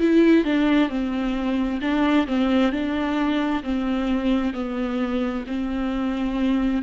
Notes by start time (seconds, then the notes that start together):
0.00 E4
0.45 D4
0.89 C4
1.81 D4
2.27 C4
2.72 D4
3.64 C4
4.54 B3
5.47 C4